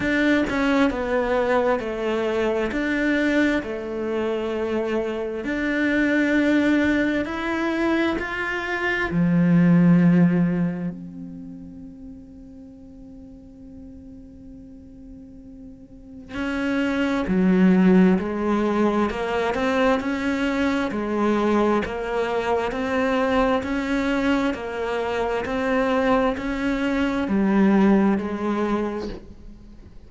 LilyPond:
\new Staff \with { instrumentName = "cello" } { \time 4/4 \tempo 4 = 66 d'8 cis'8 b4 a4 d'4 | a2 d'2 | e'4 f'4 f2 | c'1~ |
c'2 cis'4 fis4 | gis4 ais8 c'8 cis'4 gis4 | ais4 c'4 cis'4 ais4 | c'4 cis'4 g4 gis4 | }